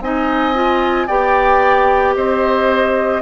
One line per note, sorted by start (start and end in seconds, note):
0.00 1.07 C4
0.00 0.54 D#4
0.00 1.07 D#5
0.00 1.08 G#5
0.54 1.08 F4
1.07 2.16 B3
1.07 3.22 G4
1.07 2.14 D5
1.07 2.15 G5
2.16 3.22 C4
2.16 3.22 C5
2.16 3.22 D#5